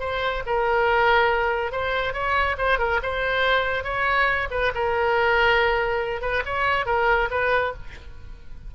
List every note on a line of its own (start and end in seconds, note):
0.00 0.43 C5
0.46 1.72 A#4
1.72 2.13 C5
2.13 2.56 C#5
2.58 2.79 C5
2.79 3.00 A#4
3.03 3.84 C5
3.84 4.48 C#5
4.51 4.72 B4
4.75 6.22 A#4
6.22 6.43 B4
6.46 6.86 C#5
6.86 7.29 A#4
7.30 7.73 B4